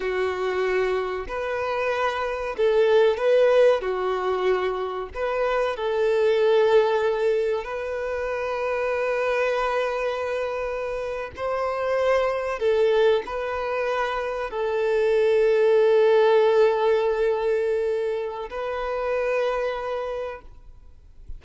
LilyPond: \new Staff \with { instrumentName = "violin" } { \time 4/4 \tempo 4 = 94 fis'2 b'2 | a'4 b'4 fis'2 | b'4 a'2. | b'1~ |
b'4.~ b'16 c''2 a'16~ | a'8. b'2 a'4~ a'16~ | a'1~ | a'4 b'2. | }